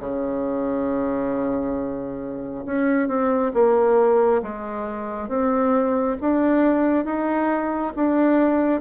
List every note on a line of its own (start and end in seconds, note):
0.00 2.65 C#3
2.66 3.08 C#4
3.08 3.52 C4
3.54 4.42 A#3
4.43 5.28 G#3
5.28 6.16 C4
6.21 7.05 D4
7.05 7.93 D#4
7.96 8.81 D4